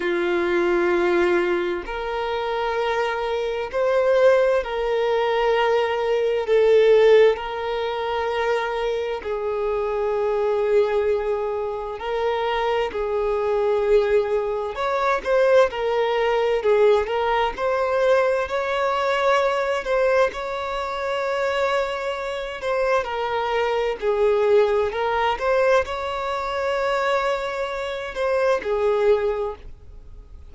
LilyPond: \new Staff \with { instrumentName = "violin" } { \time 4/4 \tempo 4 = 65 f'2 ais'2 | c''4 ais'2 a'4 | ais'2 gis'2~ | gis'4 ais'4 gis'2 |
cis''8 c''8 ais'4 gis'8 ais'8 c''4 | cis''4. c''8 cis''2~ | cis''8 c''8 ais'4 gis'4 ais'8 c''8 | cis''2~ cis''8 c''8 gis'4 | }